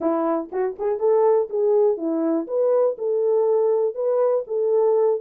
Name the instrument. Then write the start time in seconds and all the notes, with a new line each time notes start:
horn
0.00 E4
0.52 F#4
0.78 G#4
0.99 A4
1.49 G#4
1.97 E4
2.47 B4
2.98 A4
3.94 B4
4.47 A4